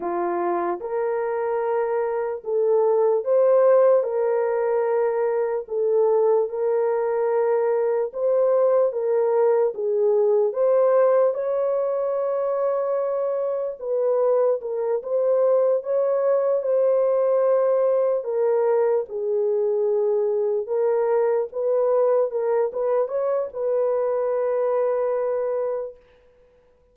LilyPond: \new Staff \with { instrumentName = "horn" } { \time 4/4 \tempo 4 = 74 f'4 ais'2 a'4 | c''4 ais'2 a'4 | ais'2 c''4 ais'4 | gis'4 c''4 cis''2~ |
cis''4 b'4 ais'8 c''4 cis''8~ | cis''8 c''2 ais'4 gis'8~ | gis'4. ais'4 b'4 ais'8 | b'8 cis''8 b'2. | }